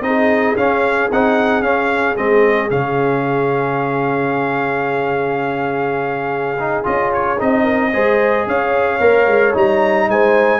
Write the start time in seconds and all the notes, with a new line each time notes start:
0.00 C4 D#4 D#5
0.06 G#4
0.56 C#4 F5
1.11 C4 D#4 F#5
1.61 C#4 F5
2.16 G#3 C4 D#5
2.69 C#3 C#4 F5
6.59 D#4
6.83 C#4 F4 D#5
7.13 C#5
7.38 C4 D#4 D#5
7.63 A#4
7.92 G#3 G#4 C5
8.46 C#4 C#5 F5
9.00 A#3 A#4
9.27 G#3
9.53 G3 D#4 A#5
10.08 G#3 C5 G#5